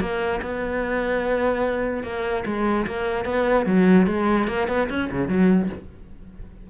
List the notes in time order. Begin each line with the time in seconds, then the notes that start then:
0.00 A#3
0.41 B3
2.03 A#3
2.45 G#3
2.86 A#3
3.25 B3
3.66 F#3
4.07 G#3
4.47 A#3
4.68 B3
4.89 C#4
5.10 C#3
5.28 F#3